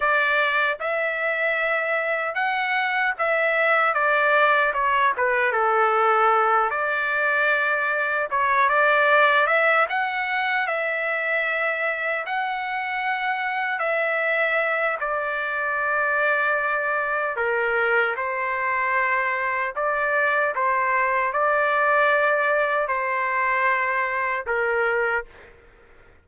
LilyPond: \new Staff \with { instrumentName = "trumpet" } { \time 4/4 \tempo 4 = 76 d''4 e''2 fis''4 | e''4 d''4 cis''8 b'8 a'4~ | a'8 d''2 cis''8 d''4 | e''8 fis''4 e''2 fis''8~ |
fis''4. e''4. d''4~ | d''2 ais'4 c''4~ | c''4 d''4 c''4 d''4~ | d''4 c''2 ais'4 | }